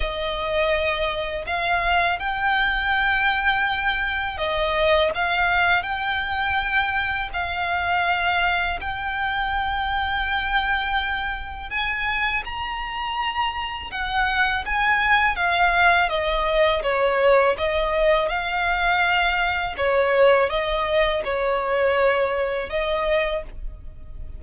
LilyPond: \new Staff \with { instrumentName = "violin" } { \time 4/4 \tempo 4 = 82 dis''2 f''4 g''4~ | g''2 dis''4 f''4 | g''2 f''2 | g''1 |
gis''4 ais''2 fis''4 | gis''4 f''4 dis''4 cis''4 | dis''4 f''2 cis''4 | dis''4 cis''2 dis''4 | }